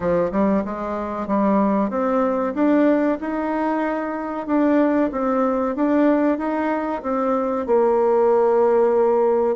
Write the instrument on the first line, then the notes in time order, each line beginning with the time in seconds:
bassoon
0.00 F3
0.31 G3
0.64 G#3
1.27 G3
1.90 C4
2.54 D4
3.20 D#4
4.46 D4
5.11 C4
5.75 D4
6.38 D#4
7.02 C4
7.66 A#3